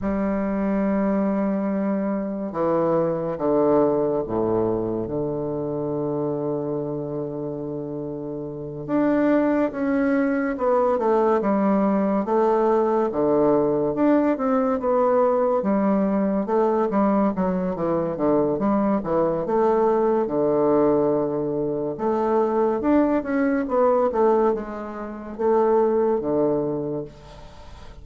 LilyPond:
\new Staff \with { instrumentName = "bassoon" } { \time 4/4 \tempo 4 = 71 g2. e4 | d4 a,4 d2~ | d2~ d8 d'4 cis'8~ | cis'8 b8 a8 g4 a4 d8~ |
d8 d'8 c'8 b4 g4 a8 | g8 fis8 e8 d8 g8 e8 a4 | d2 a4 d'8 cis'8 | b8 a8 gis4 a4 d4 | }